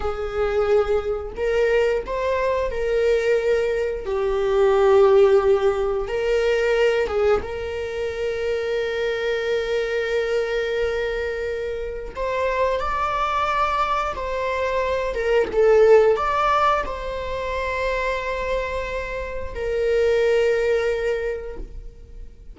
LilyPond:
\new Staff \with { instrumentName = "viola" } { \time 4/4 \tempo 4 = 89 gis'2 ais'4 c''4 | ais'2 g'2~ | g'4 ais'4. gis'8 ais'4~ | ais'1~ |
ais'2 c''4 d''4~ | d''4 c''4. ais'8 a'4 | d''4 c''2.~ | c''4 ais'2. | }